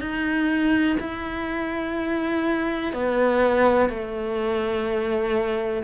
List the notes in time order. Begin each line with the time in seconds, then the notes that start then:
0.00 D#4
0.99 E4
2.93 B3
3.89 A3